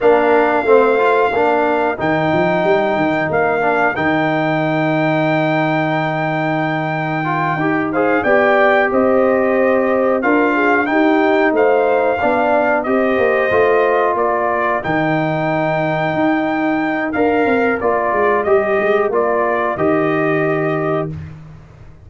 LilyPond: <<
  \new Staff \with { instrumentName = "trumpet" } { \time 4/4 \tempo 4 = 91 f''2. g''4~ | g''4 f''4 g''2~ | g''1 | f''8 g''4 dis''2 f''8~ |
f''8 g''4 f''2 dis''8~ | dis''4. d''4 g''4.~ | g''2 f''4 d''4 | dis''4 d''4 dis''2 | }
  \new Staff \with { instrumentName = "horn" } { \time 4/4 ais'4 c''4 ais'2~ | ais'1~ | ais'1 | c''8 d''4 c''2 ais'8 |
gis'8 g'4 c''4 d''4 c''8~ | c''4. ais'2~ ais'8~ | ais'1~ | ais'1 | }
  \new Staff \with { instrumentName = "trombone" } { \time 4/4 d'4 c'8 f'8 d'4 dis'4~ | dis'4. d'8 dis'2~ | dis'2. f'8 g'8 | gis'8 g'2. f'8~ |
f'8 dis'2 d'4 g'8~ | g'8 f'2 dis'4.~ | dis'2 ais'4 f'4 | g'4 f'4 g'2 | }
  \new Staff \with { instrumentName = "tuba" } { \time 4/4 ais4 a4 ais4 dis8 f8 | g8 dis8 ais4 dis2~ | dis2.~ dis8 dis'8~ | dis'8 b4 c'2 d'8~ |
d'8 dis'4 a4 b4 c'8 | ais8 a4 ais4 dis4.~ | dis8 dis'4. d'8 c'8 ais8 gis8 | g8 gis8 ais4 dis2 | }
>>